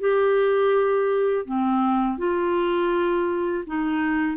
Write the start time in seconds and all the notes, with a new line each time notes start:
0.00 G4
1.46 C4
2.18 F4
3.67 D#4